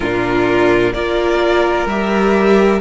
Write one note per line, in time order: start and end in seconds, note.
0.00 0.92 A#2
0.00 0.95 D4
0.00 0.93 F4
0.00 0.93 A#4
0.92 1.86 A#3
0.92 1.89 F4
0.92 2.80 A#4
0.92 1.87 D5
1.86 2.79 G3
1.86 2.80 G4
1.86 2.80 E5